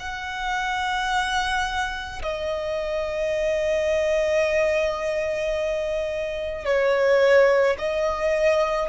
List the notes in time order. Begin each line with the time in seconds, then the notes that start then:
0.00 F#5
2.23 D#5
6.66 C#5
7.79 D#5